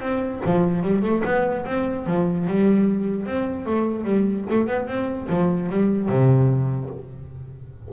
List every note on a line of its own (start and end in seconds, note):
0.00 0.41 C4
0.46 0.83 F3
0.83 1.02 G3
1.02 1.22 A3
1.25 1.65 B3
1.66 2.06 C4
2.06 2.47 F3
2.47 3.26 G3
3.26 3.65 C4
3.65 4.04 A3
4.04 4.45 G3
4.50 4.67 A3
4.67 4.87 B3
4.87 5.28 C4
5.29 5.69 F3
5.69 6.08 G3
6.08 6.90 C3